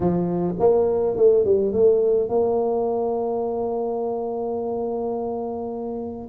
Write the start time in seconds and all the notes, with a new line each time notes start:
0.00 F3
0.59 A#3
1.16 A3
1.44 G3
1.72 A3
2.28 A#3